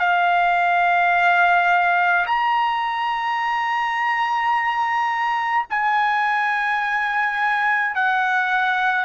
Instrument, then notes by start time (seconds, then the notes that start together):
trumpet
0.00 F5
2.27 A#5
5.71 G#5
7.96 F#5